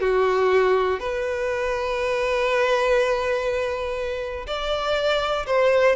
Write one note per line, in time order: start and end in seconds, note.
0.00 0.99 F#4
0.99 4.46 B4
4.47 5.46 D5
5.46 5.95 C5